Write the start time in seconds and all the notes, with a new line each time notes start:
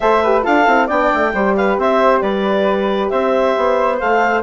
0.00 A3 A4 C5 E5
0.22 G4 B4
0.42 D4 F4 A4 F5
0.66 C4 E4
0.86 B3 D4 D5 G5
1.14 A3
1.33 G3 G4 C5
1.56 B4 F5
1.77 C4 C5 E5
2.20 G3 B4 D5
3.09 C4 C5 E5
3.56 B3
3.99 A3 A4 F5